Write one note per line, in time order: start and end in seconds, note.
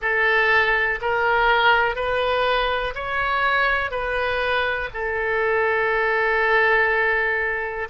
0.01 0.99 A4
1.01 1.95 A#4
1.95 2.94 B4
2.94 3.90 C#5
3.90 4.89 B4
4.93 7.88 A4